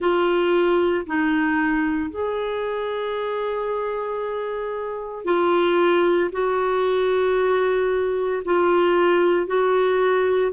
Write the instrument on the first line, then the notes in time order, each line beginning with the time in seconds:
clarinet
0.00 F4
1.06 D#4
2.10 G#4
5.24 F4
6.32 F#4
8.44 F4
9.46 F#4